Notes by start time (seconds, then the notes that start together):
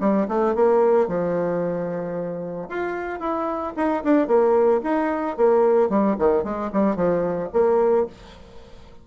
0.00 G3
0.28 A3
0.55 A#3
1.08 F3
2.69 F4
3.20 E4
3.76 D#4
4.04 D4
4.27 A#3
4.83 D#4
5.37 A#3
5.89 G3
6.19 D#3
6.44 G#3
6.73 G3
6.96 F3
7.53 A#3